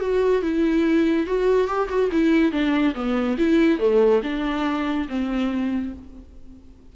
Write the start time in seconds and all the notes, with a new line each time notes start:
0.00 F#4
0.42 E4
1.27 F#4
1.67 G4
1.89 F#4
2.12 E4
2.52 D4
2.95 B3
3.38 E4
3.79 A3
4.23 D4
5.09 C4